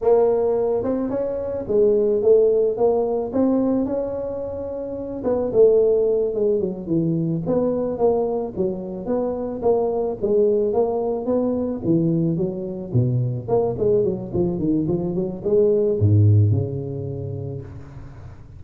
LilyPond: \new Staff \with { instrumentName = "tuba" } { \time 4/4 \tempo 4 = 109 ais4. c'8 cis'4 gis4 | a4 ais4 c'4 cis'4~ | cis'4. b8 a4. gis8 | fis8 e4 b4 ais4 fis8~ |
fis8 b4 ais4 gis4 ais8~ | ais8 b4 e4 fis4 b,8~ | b,8 ais8 gis8 fis8 f8 dis8 f8 fis8 | gis4 gis,4 cis2 | }